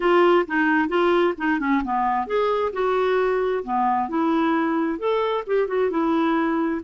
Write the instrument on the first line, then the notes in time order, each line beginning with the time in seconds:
clarinet
0.00 F4
0.47 D#4
0.88 F4
1.37 D#4
1.59 C#4
1.84 B3
2.26 G#4
2.72 F#4
3.63 B3
4.08 E4
4.98 A4
5.46 G4
5.67 F#4
5.90 E4